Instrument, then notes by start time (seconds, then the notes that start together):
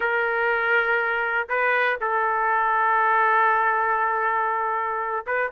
trumpet
0.00 A#4
1.49 B4
2.00 A4
5.26 B4